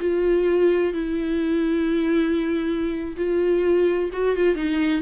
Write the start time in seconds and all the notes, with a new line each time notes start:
0.00 F4
0.94 E4
3.17 F4
4.13 F#4
4.37 F4
4.56 D#4